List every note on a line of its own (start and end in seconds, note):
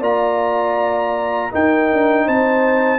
0.00 1.50 A#3
0.00 1.52 F4
0.00 1.50 D5
0.00 1.53 A#5
1.52 2.99 D#4
1.52 1.92 D#4
1.52 2.25 A#4
1.52 2.28 G5
1.93 2.28 D4
2.25 2.99 C4
2.25 2.99 C5
2.25 2.99 A5